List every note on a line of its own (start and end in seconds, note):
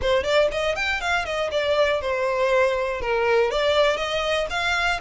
0.01 0.23 C5
0.23 0.48 D5
0.51 0.75 D#5
0.75 1.00 G5
1.00 1.25 F5
1.25 1.50 D#5
1.51 2.01 D5
2.01 3.01 C5
3.01 3.50 A#4
3.50 3.97 D5
3.97 4.47 D#5
4.50 5.00 F5